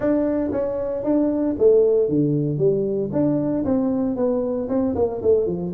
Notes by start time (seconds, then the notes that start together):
0.00 D4
0.51 C#4
1.03 D4
1.58 A3
2.08 D3
2.58 G3
3.12 D4
3.65 C4
4.16 B3
4.68 C4
4.95 A#3
5.22 A3
5.46 F3